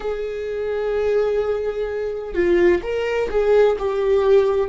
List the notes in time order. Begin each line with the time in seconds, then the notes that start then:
0.00 G#4
2.34 F4
2.82 A#4
3.29 G#4
3.78 G4